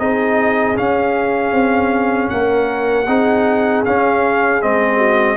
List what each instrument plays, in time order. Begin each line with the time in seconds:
0.00 tuba C4, trombone D#4, horn G#4, trumpet D#5
0.76 trombone C#4, tuba C#4, trumpet F5
1.52 tuba C4
2.30 tuba A#3, horn A#4, trumpet F#5
3.07 tuba C4, trombone D#4, horn G#4
3.86 trombone C#4, tuba C#4, trumpet F5
4.61 tuba G#3, trombone C4, trumpet D#5
4.97 horn F#4